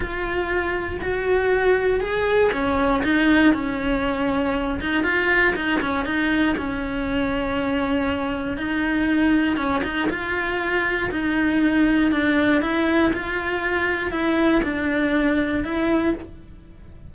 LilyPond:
\new Staff \with { instrumentName = "cello" } { \time 4/4 \tempo 4 = 119 f'2 fis'2 | gis'4 cis'4 dis'4 cis'4~ | cis'4. dis'8 f'4 dis'8 cis'8 | dis'4 cis'2.~ |
cis'4 dis'2 cis'8 dis'8 | f'2 dis'2 | d'4 e'4 f'2 | e'4 d'2 e'4 | }